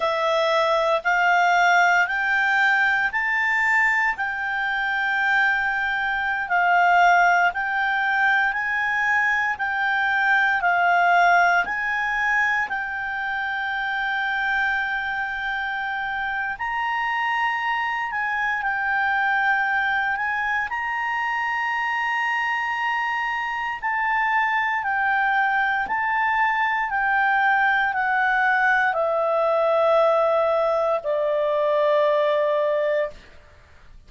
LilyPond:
\new Staff \with { instrumentName = "clarinet" } { \time 4/4 \tempo 4 = 58 e''4 f''4 g''4 a''4 | g''2~ g''16 f''4 g''8.~ | g''16 gis''4 g''4 f''4 gis''8.~ | gis''16 g''2.~ g''8. |
ais''4. gis''8 g''4. gis''8 | ais''2. a''4 | g''4 a''4 g''4 fis''4 | e''2 d''2 | }